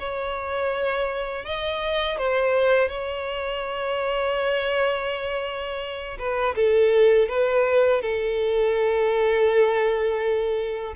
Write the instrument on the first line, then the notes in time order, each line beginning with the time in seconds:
violin
0.00 C#5
1.45 D#5
2.18 C5
2.89 C#5
6.19 B4
6.56 A4
7.29 B4
8.02 A4